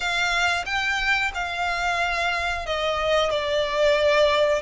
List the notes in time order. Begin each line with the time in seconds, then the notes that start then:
0.00 F5
0.65 G5
1.34 F5
2.66 D#5
3.30 D5